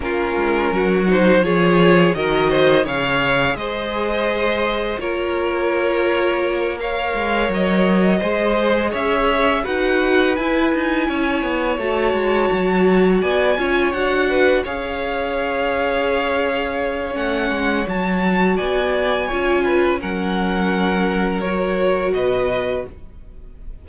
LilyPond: <<
  \new Staff \with { instrumentName = "violin" } { \time 4/4 \tempo 4 = 84 ais'4. c''8 cis''4 dis''4 | f''4 dis''2 cis''4~ | cis''4. f''4 dis''4.~ | dis''8 e''4 fis''4 gis''4.~ |
gis''8 a''2 gis''4 fis''8~ | fis''8 f''2.~ f''8 | fis''4 a''4 gis''2 | fis''2 cis''4 dis''4 | }
  \new Staff \with { instrumentName = "violin" } { \time 4/4 f'4 fis'4 gis'4 ais'8 c''8 | cis''4 c''2 ais'4~ | ais'4. cis''2 c''8~ | c''8 cis''4 b'2 cis''8~ |
cis''2~ cis''8 d''8 cis''4 | b'8 cis''2.~ cis''8~ | cis''2 d''4 cis''8 b'8 | ais'2. b'4 | }
  \new Staff \with { instrumentName = "viola" } { \time 4/4 cis'4. dis'8 f'4 fis'4 | gis'2. f'4~ | f'4. ais'2 gis'8~ | gis'4. fis'4 e'4.~ |
e'8 fis'2~ fis'8 f'8 fis'8~ | fis'8 gis'2.~ gis'8 | cis'4 fis'2 f'4 | cis'2 fis'2 | }
  \new Staff \with { instrumentName = "cello" } { \time 4/4 ais8 gis8 fis4 f4 dis4 | cis4 gis2 ais4~ | ais2 gis8 fis4 gis8~ | gis8 cis'4 dis'4 e'8 dis'8 cis'8 |
b8 a8 gis8 fis4 b8 cis'8 d'8~ | d'8 cis'2.~ cis'8 | a8 gis8 fis4 b4 cis'4 | fis2. b,4 | }
>>